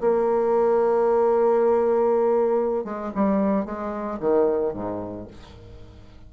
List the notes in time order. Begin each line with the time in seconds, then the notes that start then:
0.00 A#3
2.84 G#3
3.14 G3
3.65 G#3
4.19 D#3
4.73 G#2